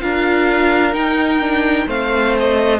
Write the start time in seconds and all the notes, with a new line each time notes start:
0.00 D4 F4 A#4 F5
0.93 D#4 G5
1.40 D4
1.87 A3 C4 C5 F5
2.39 D#5